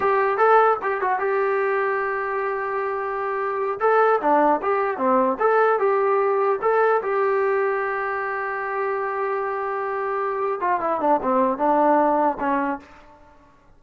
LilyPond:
\new Staff \with { instrumentName = "trombone" } { \time 4/4 \tempo 4 = 150 g'4 a'4 g'8 fis'8 g'4~ | g'1~ | g'4. a'4 d'4 g'8~ | g'8 c'4 a'4 g'4.~ |
g'8 a'4 g'2~ g'8~ | g'1~ | g'2~ g'8 f'8 e'8 d'8 | c'4 d'2 cis'4 | }